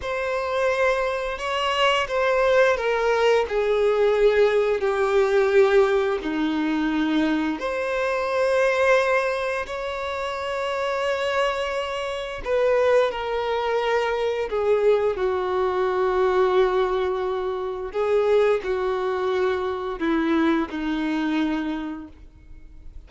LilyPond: \new Staff \with { instrumentName = "violin" } { \time 4/4 \tempo 4 = 87 c''2 cis''4 c''4 | ais'4 gis'2 g'4~ | g'4 dis'2 c''4~ | c''2 cis''2~ |
cis''2 b'4 ais'4~ | ais'4 gis'4 fis'2~ | fis'2 gis'4 fis'4~ | fis'4 e'4 dis'2 | }